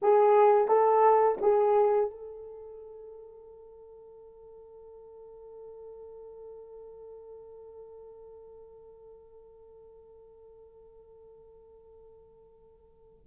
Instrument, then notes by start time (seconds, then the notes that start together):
horn
0.02 G#4
0.68 A4
1.41 G#4
2.10 A4